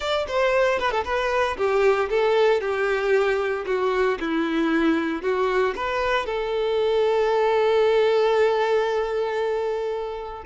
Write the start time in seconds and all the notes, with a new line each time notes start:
0.00 D5
0.27 C5
0.79 B4
0.91 A4
1.04 B4
1.57 G4
2.09 A4
2.61 G4
3.66 F#4
4.20 E4
5.22 F#4
5.75 B4
6.26 A4